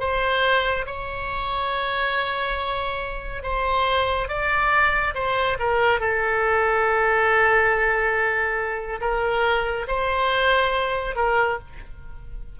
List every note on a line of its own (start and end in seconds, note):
0.00 0.86 C5
0.86 3.43 C#5
3.43 4.29 C5
4.29 5.14 D5
5.15 5.58 C5
5.60 6.00 A#4
6.00 9.00 A4
9.01 9.86 A#4
9.88 11.16 C5
11.16 11.59 A#4